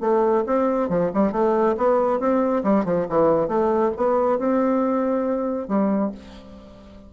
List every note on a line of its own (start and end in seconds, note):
0.00 0.43 A3
0.46 0.89 C4
0.89 1.10 F3
1.13 1.32 G3
1.32 1.75 A3
1.77 2.19 B3
2.19 2.62 C4
2.63 2.84 G3
2.84 3.06 F3
3.09 3.48 E3
3.48 3.91 A3
3.96 4.39 B3
4.39 5.68 C4
5.68 6.11 G3